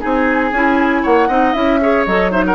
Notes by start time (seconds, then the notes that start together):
0.00 C4 D#4 G#4 G#5
0.52 C#4 E4
1.03 A#3 C#5 F#5
1.29 C4 D#4 D#5
1.53 C#4 E4 E5
1.81 G#4 C#5
2.06 F#3 A4 D#5
2.32 D#4 C5 E5
2.46 A#4 F#5